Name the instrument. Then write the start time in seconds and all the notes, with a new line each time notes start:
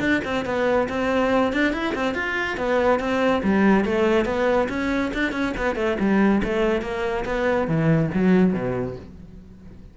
cello
0.00 D4
0.24 C4
0.45 B3
0.89 C4
1.52 D4
1.73 E4
1.95 C4
2.14 F4
2.57 B3
2.99 C4
3.43 G3
3.85 A3
4.25 B3
4.69 C#4
5.14 D4
5.32 C#4
5.57 B3
5.76 A3
5.99 G3
6.44 A3
6.82 A#3
7.25 B3
7.67 E3
8.14 F#3
8.53 B2